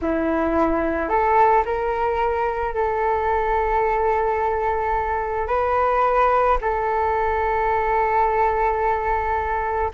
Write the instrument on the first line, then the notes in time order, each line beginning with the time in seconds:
flute
0.02 E4
1.09 A4
1.65 A#4
2.74 A4
5.47 B4
6.61 A4